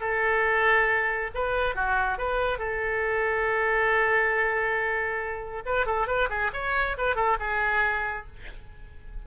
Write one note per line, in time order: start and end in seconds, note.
0.00 1.30 A4
1.34 1.75 B4
1.75 2.18 F#4
2.18 2.58 B4
2.58 5.62 A4
5.65 5.86 B4
5.86 6.07 A4
6.07 6.28 B4
6.29 6.51 G#4
6.53 6.96 C#5
6.97 7.15 B4
7.15 7.37 A4
7.39 8.26 G#4